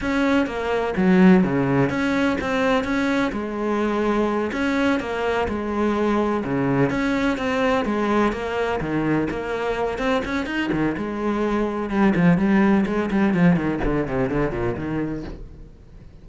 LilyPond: \new Staff \with { instrumentName = "cello" } { \time 4/4 \tempo 4 = 126 cis'4 ais4 fis4 cis4 | cis'4 c'4 cis'4 gis4~ | gis4. cis'4 ais4 gis8~ | gis4. cis4 cis'4 c'8~ |
c'8 gis4 ais4 dis4 ais8~ | ais4 c'8 cis'8 dis'8 dis8 gis4~ | gis4 g8 f8 g4 gis8 g8 | f8 dis8 d8 c8 d8 ais,8 dis4 | }